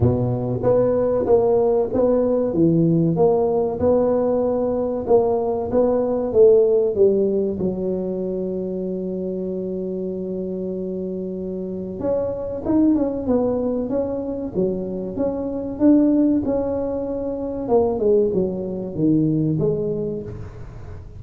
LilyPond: \new Staff \with { instrumentName = "tuba" } { \time 4/4 \tempo 4 = 95 b,4 b4 ais4 b4 | e4 ais4 b2 | ais4 b4 a4 g4 | fis1~ |
fis2. cis'4 | dis'8 cis'8 b4 cis'4 fis4 | cis'4 d'4 cis'2 | ais8 gis8 fis4 dis4 gis4 | }